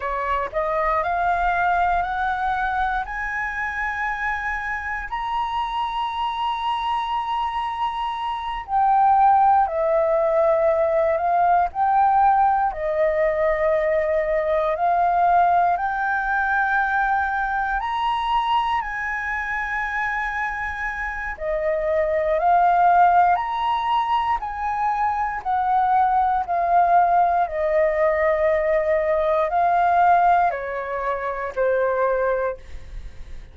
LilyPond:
\new Staff \with { instrumentName = "flute" } { \time 4/4 \tempo 4 = 59 cis''8 dis''8 f''4 fis''4 gis''4~ | gis''4 ais''2.~ | ais''8 g''4 e''4. f''8 g''8~ | g''8 dis''2 f''4 g''8~ |
g''4. ais''4 gis''4.~ | gis''4 dis''4 f''4 ais''4 | gis''4 fis''4 f''4 dis''4~ | dis''4 f''4 cis''4 c''4 | }